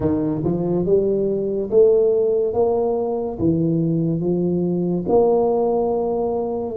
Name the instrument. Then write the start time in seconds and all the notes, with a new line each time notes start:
tuba
0.00 D#3
0.43 F3
0.85 G3
1.70 A3
2.54 A#3
3.39 E3
4.20 F3
5.08 A#3